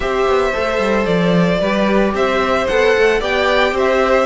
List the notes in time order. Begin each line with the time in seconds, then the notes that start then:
0.00 C4 G4 C5 E5
0.26 B3
0.53 A3 A4
0.78 G3
1.05 F3 D5
1.60 G3 G4 B4
2.13 C4 C5 E5
2.67 B3 A4 F#5
2.97 A3
3.20 B3 G4 D5 G5
3.72 C4 C5
3.78 E5